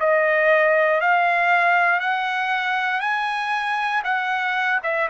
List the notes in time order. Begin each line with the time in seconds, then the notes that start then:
0.00 D#5
1.01 F5
2.00 F#5
3.01 G#5
4.04 F#5
4.84 E5